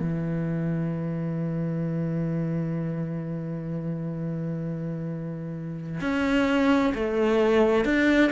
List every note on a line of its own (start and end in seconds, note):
0.00 6.00 E3
6.01 6.93 C#4
6.94 7.85 A3
7.85 8.31 D4